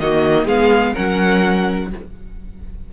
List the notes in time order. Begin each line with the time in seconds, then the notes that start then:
0.00 D#3 A#3 F#4 D#5
0.45 G#3 B3 G#4 F5
0.94 F#3 C#4 A#4 F#5